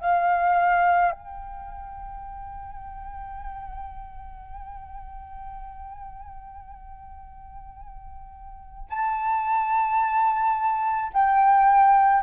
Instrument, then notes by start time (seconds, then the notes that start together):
flute
0.00 F5
1.11 G5
8.89 A5
11.13 G5